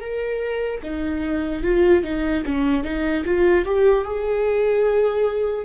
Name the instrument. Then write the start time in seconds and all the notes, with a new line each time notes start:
viola
0.00 A#4
0.83 D#4
1.63 F4
2.03 D#4
2.45 C#4
2.83 D#4
3.25 F4
3.65 G4
4.04 G#4